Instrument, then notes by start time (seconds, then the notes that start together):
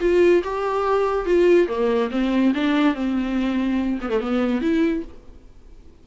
viola
0.00 F4
0.43 G4
1.25 F4
1.68 A#3
2.10 C4
2.54 D4
2.94 C4
4.01 B3
4.09 A3
4.20 B3
4.61 E4